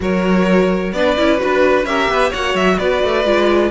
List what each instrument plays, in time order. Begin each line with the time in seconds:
0.00 cello F#3, viola F#4, violin A#4 C#5
0.92 cello B3, viola D4, violin B4 D5
1.17 cello C#4, viola E4
1.37 cello D4, viola F#4, violin B4
1.84 cello C#4, viola G4, violin A#4 E5
2.08 cello B3, violin B4
2.29 cello A#3, viola F#4, violin C#5 F#5
2.54 cello F#3, violin E5
2.78 cello B3, violin B4 D5
3.03 cello A3
3.25 cello G#3, viola F4